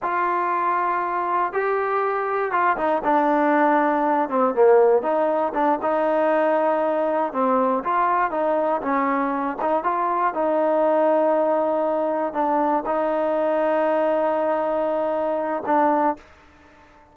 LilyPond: \new Staff \with { instrumentName = "trombone" } { \time 4/4 \tempo 4 = 119 f'2. g'4~ | g'4 f'8 dis'8 d'2~ | d'8 c'8 ais4 dis'4 d'8 dis'8~ | dis'2~ dis'8 c'4 f'8~ |
f'8 dis'4 cis'4. dis'8 f'8~ | f'8 dis'2.~ dis'8~ | dis'8 d'4 dis'2~ dis'8~ | dis'2. d'4 | }